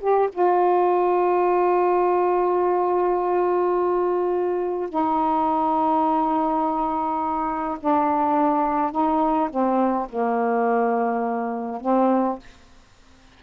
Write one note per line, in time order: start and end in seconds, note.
0.00 0.29 G4
0.32 4.89 F4
4.89 7.78 D#4
7.80 8.91 D4
8.91 9.49 D#4
9.50 10.08 C4
10.09 11.81 A#3
11.81 12.38 C4